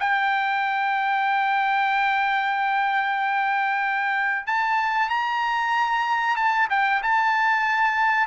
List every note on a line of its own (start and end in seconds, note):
0.00 4.47 G5
4.47 5.09 A5
5.09 6.36 A#5
6.36 6.68 A5
6.70 7.02 G5
7.03 8.27 A5